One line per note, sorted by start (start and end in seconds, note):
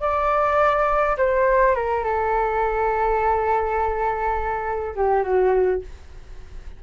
0.00 1.17 D5
1.17 1.74 C5
1.74 2.04 A#4
2.04 4.95 A4
4.95 5.23 G4
5.23 5.81 F#4